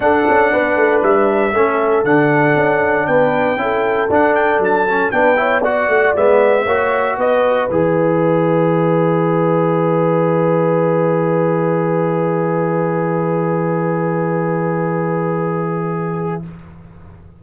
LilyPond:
<<
  \new Staff \with { instrumentName = "trumpet" } { \time 4/4 \tempo 4 = 117 fis''2 e''2 | fis''2 g''2 | fis''8 g''8 a''4 g''4 fis''4 | e''2 dis''4 e''4~ |
e''1~ | e''1~ | e''1~ | e''1 | }
  \new Staff \with { instrumentName = "horn" } { \time 4/4 a'4 b'2 a'4~ | a'2 b'4 a'4~ | a'2 b'8 cis''8 d''4~ | d''4 cis''4 b'2~ |
b'1~ | b'1~ | b'1~ | b'1 | }
  \new Staff \with { instrumentName = "trombone" } { \time 4/4 d'2. cis'4 | d'2. e'4 | d'4. cis'8 d'8 e'8 fis'4 | b4 fis'2 gis'4~ |
gis'1~ | gis'1~ | gis'1~ | gis'1 | }
  \new Staff \with { instrumentName = "tuba" } { \time 4/4 d'8 cis'8 b8 a8 g4 a4 | d4 cis'4 b4 cis'4 | d'4 fis4 b4. a8 | gis4 ais4 b4 e4~ |
e1~ | e1~ | e1~ | e1 | }
>>